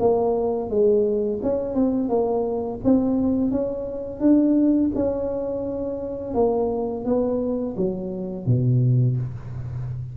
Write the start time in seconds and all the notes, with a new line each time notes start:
0.00 A#3
0.70 G#3
1.43 C#4
1.75 C4
2.09 A#3
2.84 C4
3.51 C#4
4.20 D4
4.95 C#4
6.34 A#3
7.05 B3
7.77 F#3
8.46 B2